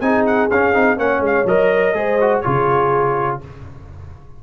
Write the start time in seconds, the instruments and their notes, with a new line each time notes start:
0.00 tuba C4, trombone D#4, horn G#4, trumpet G#5
0.26 trumpet F#5
0.50 tuba C#4, trombone C#4, trumpet F5
0.73 tuba C4, trombone D#4
0.97 tuba A#3, trombone C#4, horn C#5, trumpet F#5
1.20 tuba G#3
1.26 trumpet F5
1.45 tuba F#3, trombone A#4, trumpet D#5
1.93 tuba G#3, trombone G#4, horn C5
2.21 trombone F#4
2.41 tuba C#3, trombone F4, horn G#4, trumpet C#5